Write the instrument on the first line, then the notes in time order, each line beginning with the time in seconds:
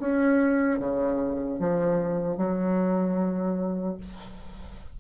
bassoon
0.00 C#4
0.80 C#3
1.60 F3
2.37 F#3